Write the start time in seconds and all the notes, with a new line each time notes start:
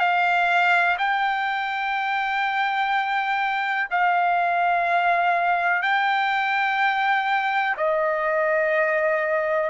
0.00 F5
0.99 G5
3.91 F5
5.82 G5
7.77 D#5